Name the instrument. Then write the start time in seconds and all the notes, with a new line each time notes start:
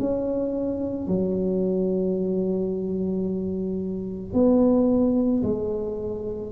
tuba
0.00 C#4
1.08 F#3
4.34 B3
5.43 G#3